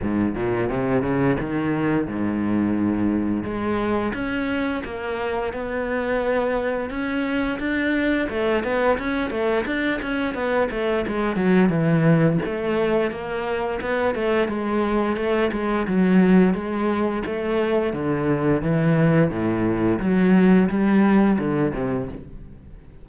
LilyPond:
\new Staff \with { instrumentName = "cello" } { \time 4/4 \tempo 4 = 87 gis,8 ais,8 c8 cis8 dis4 gis,4~ | gis,4 gis4 cis'4 ais4 | b2 cis'4 d'4 | a8 b8 cis'8 a8 d'8 cis'8 b8 a8 |
gis8 fis8 e4 a4 ais4 | b8 a8 gis4 a8 gis8 fis4 | gis4 a4 d4 e4 | a,4 fis4 g4 d8 c8 | }